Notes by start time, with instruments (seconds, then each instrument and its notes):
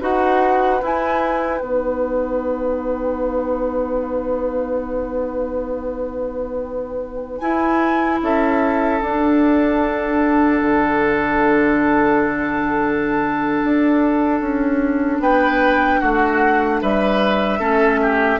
0.00 bassoon D#4, clarinet F#4, oboe B4, flute F#5
0.82 clarinet E4, bassoon E4, flute G#5
1.60 bassoon B3, clarinet D#4, flute F#5
7.38 bassoon E4, clarinet E4, flute G#5
8.21 bassoon C#4, oboe A4, flute E5
9.01 bassoon D4, clarinet D4, flute F#5
10.61 bassoon D3
13.64 bassoon D4
14.40 bassoon C#4
15.19 bassoon B3, oboe B4, flute G5
16.00 bassoon A3, oboe F#4, flute F#5
16.82 bassoon G3, oboe B4, flute E5
17.59 bassoon A3, clarinet C#4, oboe A4
18.02 oboe G4